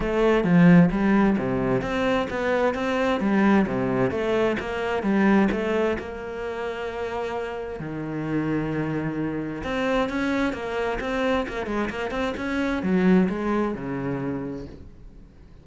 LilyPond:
\new Staff \with { instrumentName = "cello" } { \time 4/4 \tempo 4 = 131 a4 f4 g4 c4 | c'4 b4 c'4 g4 | c4 a4 ais4 g4 | a4 ais2.~ |
ais4 dis2.~ | dis4 c'4 cis'4 ais4 | c'4 ais8 gis8 ais8 c'8 cis'4 | fis4 gis4 cis2 | }